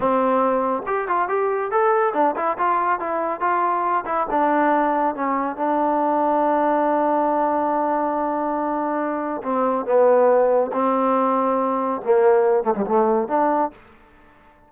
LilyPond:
\new Staff \with { instrumentName = "trombone" } { \time 4/4 \tempo 4 = 140 c'2 g'8 f'8 g'4 | a'4 d'8 e'8 f'4 e'4 | f'4. e'8 d'2 | cis'4 d'2.~ |
d'1~ | d'2 c'4 b4~ | b4 c'2. | ais4. a16 g16 a4 d'4 | }